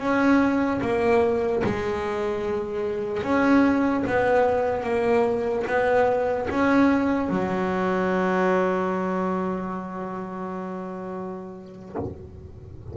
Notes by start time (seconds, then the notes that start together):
0.00 C#4
0.82 A#3
1.64 G#3
3.23 C#4
4.08 B3
4.84 A#3
5.67 B3
6.50 C#4
7.29 F#3